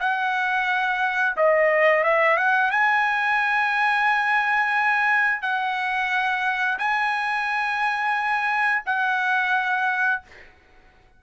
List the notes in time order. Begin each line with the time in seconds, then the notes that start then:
0.00 F#5
1.36 D#5
2.04 E5
2.37 F#5
2.71 G#5
5.42 F#5
6.79 G#5
8.86 F#5